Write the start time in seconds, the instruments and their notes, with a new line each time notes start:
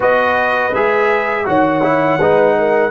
0.00 tuba B3, trombone F#4, horn B4, trumpet D#5
0.74 tuba G#3, trombone G#4, trumpet E5
1.45 tuba D#3, trombone F#4, horn C#5, trumpet F#5
1.83 trombone E4
2.19 tuba G#3, trombone D#4, horn B4
2.58 horn A#4